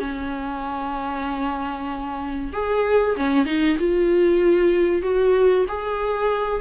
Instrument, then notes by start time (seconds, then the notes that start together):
viola
0.00 C#4
2.53 G#4
3.17 C#4
3.46 D#4
3.79 F4
5.03 F#4
5.69 G#4